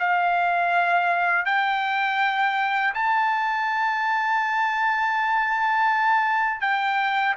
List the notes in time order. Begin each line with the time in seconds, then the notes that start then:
0.00 F5
1.46 G5
2.95 A5
6.62 G5